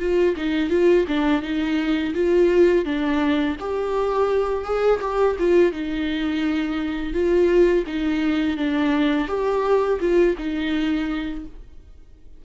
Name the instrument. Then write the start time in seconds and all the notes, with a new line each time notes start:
viola
0.00 F4
0.37 D#4
0.70 F4
1.08 D4
1.43 D#4
2.15 F4
2.85 D4
3.60 G4
4.65 G#4
5.01 G4
5.40 F4
5.72 D#4
7.14 F4
7.87 D#4
8.57 D4
9.28 G4
10.01 F4
10.38 D#4